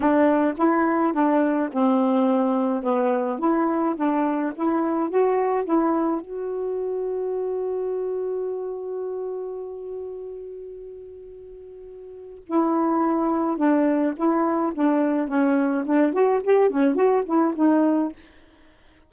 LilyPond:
\new Staff \with { instrumentName = "saxophone" } { \time 4/4 \tempo 4 = 106 d'4 e'4 d'4 c'4~ | c'4 b4 e'4 d'4 | e'4 fis'4 e'4 fis'4~ | fis'1~ |
fis'1~ | fis'2 e'2 | d'4 e'4 d'4 cis'4 | d'8 fis'8 g'8 cis'8 fis'8 e'8 dis'4 | }